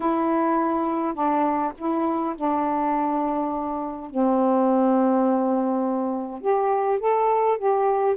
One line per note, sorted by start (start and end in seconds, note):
0.00 1.14 E4
1.14 1.72 D4
1.77 2.35 E4
2.36 4.10 D4
4.10 6.41 C4
6.41 6.99 G4
6.99 7.57 A4
7.58 8.16 G4